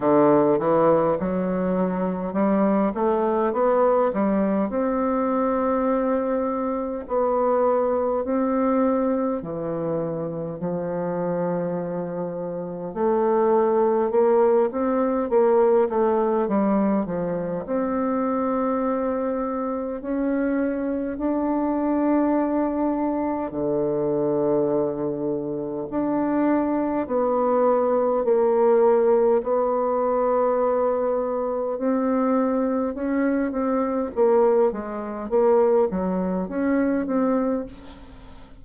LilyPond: \new Staff \with { instrumentName = "bassoon" } { \time 4/4 \tempo 4 = 51 d8 e8 fis4 g8 a8 b8 g8 | c'2 b4 c'4 | e4 f2 a4 | ais8 c'8 ais8 a8 g8 f8 c'4~ |
c'4 cis'4 d'2 | d2 d'4 b4 | ais4 b2 c'4 | cis'8 c'8 ais8 gis8 ais8 fis8 cis'8 c'8 | }